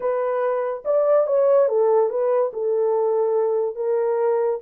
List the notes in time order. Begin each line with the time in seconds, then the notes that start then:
0.00 B4
0.84 D5
1.26 C#5
1.68 A4
2.09 B4
2.53 A4
3.75 A#4